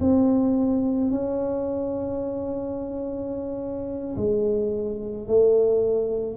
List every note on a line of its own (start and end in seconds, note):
0.00 1.11 C4
1.11 4.16 C#4
4.16 5.27 G#3
5.27 6.36 A3